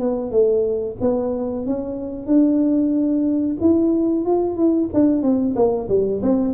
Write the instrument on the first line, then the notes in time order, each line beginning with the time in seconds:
tuba
0.00 B3
0.32 A3
1.01 B3
1.66 C#4
2.27 D4
3.61 E4
4.26 F4
4.57 E4
4.94 D4
5.23 C4
5.56 A#3
5.89 G3
6.23 C4